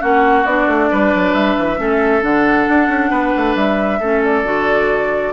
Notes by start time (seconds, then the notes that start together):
0.00 A#3 C#4 F#4 F#5
0.45 B3 D4 D5
0.67 A3
0.91 G3 B4
1.14 F#3
1.33 G3 E5
1.58 E3
1.77 A3 C#4 A4
2.21 D3 D4 F#5
2.69 D4
2.88 C#4
3.10 B3 B4
3.36 A3
3.55 G3 E5
4.00 A3 C#4 A4
4.24 D5
4.44 D3 F#4